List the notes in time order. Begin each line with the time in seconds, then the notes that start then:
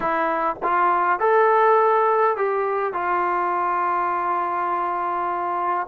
0.00 E4
0.62 F4
1.19 A4
2.36 G4
2.93 F4